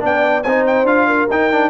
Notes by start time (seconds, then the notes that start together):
0.00 B3 D4 D5 G5
0.43 C4 D#4 C5 G#5
0.67 G5
0.84 D4 F4 F5
1.07 A#4
1.30 D#4 G5
1.51 D4